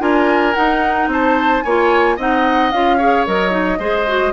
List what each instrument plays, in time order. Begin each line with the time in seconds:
0.00 bassoon D4, clarinet F4, oboe A#4, flute G#5
0.54 clarinet D#4, bassoon D#4, flute F#5
1.07 bassoon C4, oboe C5, flute A5
1.63 bassoon A#3, clarinet F4, oboe C#5, flute G#5
2.16 bassoon C4, clarinet D#4, oboe D#5, flute F#5
2.72 bassoon C#4, clarinet F4, flute F5
2.98 clarinet G#4, oboe C#5
3.27 bassoon F#3, clarinet A#4, flute D#5
3.51 clarinet D#4
3.79 bassoon G#3, clarinet G#4, oboe C5
4.08 clarinet F#4